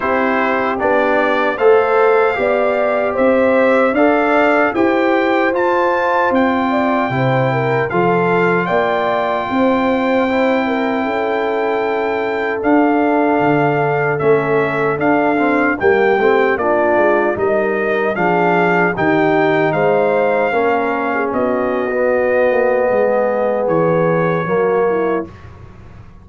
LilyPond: <<
  \new Staff \with { instrumentName = "trumpet" } { \time 4/4 \tempo 4 = 76 c''4 d''4 f''2 | e''4 f''4 g''4 a''4 | g''2 f''4 g''4~ | g''1 |
f''2 e''4 f''4 | g''4 d''4 dis''4 f''4 | g''4 f''2 dis''4~ | dis''2 cis''2 | }
  \new Staff \with { instrumentName = "horn" } { \time 4/4 g'2 c''4 d''4 | c''4 d''4 c''2~ | c''8 d''8 c''8 ais'8 a'4 d''4 | c''4. ais'8 a'2~ |
a'1 | g'4 f'4 ais'4 gis'4 | g'4 c''4 ais'8. gis'16 fis'4~ | fis'4 gis'2 fis'8 e'8 | }
  \new Staff \with { instrumentName = "trombone" } { \time 4/4 e'4 d'4 a'4 g'4~ | g'4 a'4 g'4 f'4~ | f'4 e'4 f'2~ | f'4 e'2. |
d'2 cis'4 d'8 c'8 | ais8 c'8 d'4 dis'4 d'4 | dis'2 cis'4.~ cis'16 b16~ | b2. ais4 | }
  \new Staff \with { instrumentName = "tuba" } { \time 4/4 c'4 b4 a4 b4 | c'4 d'4 e'4 f'4 | c'4 c4 f4 ais4 | c'2 cis'2 |
d'4 d4 a4 d'4 | g8 a8 ais8 gis8 g4 f4 | dis4 gis4 ais4 b4~ | b8 ais8 gis4 e4 fis4 | }
>>